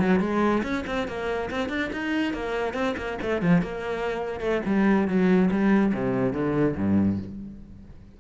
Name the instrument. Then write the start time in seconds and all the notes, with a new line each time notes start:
cello
0.00 F#3
0.20 G#3
0.63 C#4
0.87 C4
1.08 A#3
1.51 C4
1.69 D4
1.93 D#4
2.34 A#3
2.74 C4
2.97 A#3
3.22 A3
3.42 F3
3.62 A#3
4.40 A3
4.66 G3
5.08 F#3
5.51 G3
5.94 C3
6.33 D3
6.77 G2